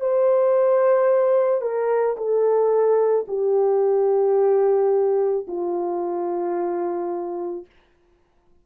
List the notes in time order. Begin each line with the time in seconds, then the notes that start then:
0.00 C5
1.61 A#4
2.17 A4
3.28 G4
5.47 F4